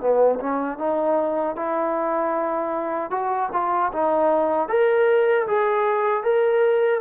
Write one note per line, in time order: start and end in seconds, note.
0.00 0.39 B3
0.40 0.78 C#4
0.78 1.56 D#4
1.56 3.11 E4
3.11 3.50 F#4
3.53 3.92 F4
3.92 4.69 D#4
4.69 5.47 A#4
5.47 6.23 G#4
6.23 7.01 A#4